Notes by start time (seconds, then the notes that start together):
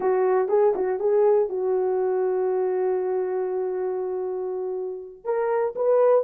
0.00 F#4
0.48 G#4
0.75 F#4
0.99 G#4
1.49 F#4
5.24 A#4
5.75 B4